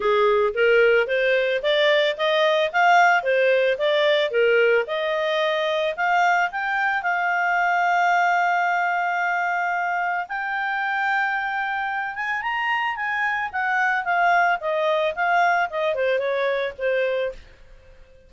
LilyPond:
\new Staff \with { instrumentName = "clarinet" } { \time 4/4 \tempo 4 = 111 gis'4 ais'4 c''4 d''4 | dis''4 f''4 c''4 d''4 | ais'4 dis''2 f''4 | g''4 f''2.~ |
f''2. g''4~ | g''2~ g''8 gis''8 ais''4 | gis''4 fis''4 f''4 dis''4 | f''4 dis''8 c''8 cis''4 c''4 | }